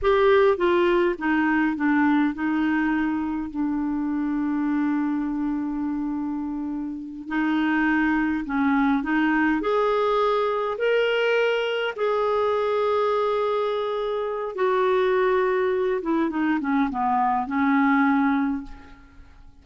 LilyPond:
\new Staff \with { instrumentName = "clarinet" } { \time 4/4 \tempo 4 = 103 g'4 f'4 dis'4 d'4 | dis'2 d'2~ | d'1~ | d'8 dis'2 cis'4 dis'8~ |
dis'8 gis'2 ais'4.~ | ais'8 gis'2.~ gis'8~ | gis'4 fis'2~ fis'8 e'8 | dis'8 cis'8 b4 cis'2 | }